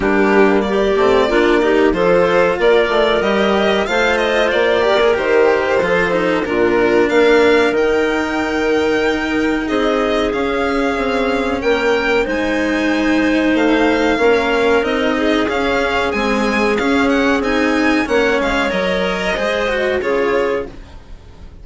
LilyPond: <<
  \new Staff \with { instrumentName = "violin" } { \time 4/4 \tempo 4 = 93 g'4 d''2 c''4 | d''4 dis''4 f''8 dis''8 d''4 | c''2 ais'4 f''4 | g''2. dis''4 |
f''2 g''4 gis''4~ | gis''4 f''2 dis''4 | f''4 gis''4 f''8 fis''8 gis''4 | fis''8 f''8 dis''2 cis''4 | }
  \new Staff \with { instrumentName = "clarinet" } { \time 4/4 d'4 g'4 f'8 g'8 a'4 | ais'2 c''4. ais'8~ | ais'4 a'4 f'4 ais'4~ | ais'2. gis'4~ |
gis'2 ais'4 c''4~ | c''2 ais'4. gis'8~ | gis'1 | cis''2 c''4 gis'4 | }
  \new Staff \with { instrumentName = "cello" } { \time 4/4 ais4. c'8 d'8 dis'8 f'4~ | f'4 g'4 f'4. g'16 gis'16 | g'4 f'8 dis'8 d'2 | dis'1 |
cis'2. dis'4~ | dis'2 cis'4 dis'4 | cis'4 gis4 cis'4 dis'4 | cis'4 ais'4 gis'8 fis'8 f'4 | }
  \new Staff \with { instrumentName = "bassoon" } { \time 4/4 g4. a8 ais4 f4 | ais8 a8 g4 a4 ais4 | dis4 f4 ais,4 ais4 | dis2. c'4 |
cis'4 c'4 ais4 gis4~ | gis4 a4 ais4 c'4 | cis'4 c'4 cis'4 c'4 | ais8 gis8 fis4 gis4 cis4 | }
>>